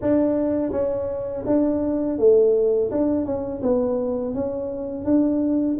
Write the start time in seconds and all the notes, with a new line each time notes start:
0.01 D4
0.71 C#4
1.46 D4
2.18 A3
2.91 D4
3.25 C#4
3.62 B3
4.34 C#4
5.04 D4